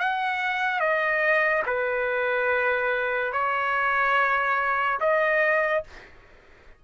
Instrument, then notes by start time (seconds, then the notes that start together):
trumpet
0.00 F#5
0.80 D#5
1.67 B4
3.33 C#5
5.01 D#5